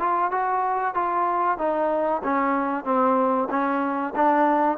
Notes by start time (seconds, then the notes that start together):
0.00 F4
0.31 F#4
0.95 F4
1.58 D#4
2.24 C#4
2.85 C4
3.50 C#4
4.16 D4